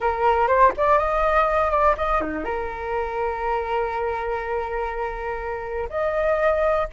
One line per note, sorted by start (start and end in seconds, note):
0.00 0.47 A#4
0.47 0.72 C5
0.77 0.98 D5
0.98 1.70 D#5
1.70 1.95 D5
1.97 2.20 D#5
2.20 2.44 D#4
2.44 5.88 A#4
5.89 6.87 D#5